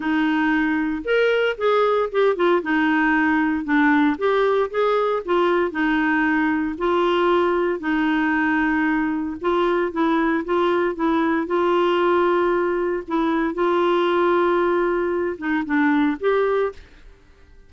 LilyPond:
\new Staff \with { instrumentName = "clarinet" } { \time 4/4 \tempo 4 = 115 dis'2 ais'4 gis'4 | g'8 f'8 dis'2 d'4 | g'4 gis'4 f'4 dis'4~ | dis'4 f'2 dis'4~ |
dis'2 f'4 e'4 | f'4 e'4 f'2~ | f'4 e'4 f'2~ | f'4. dis'8 d'4 g'4 | }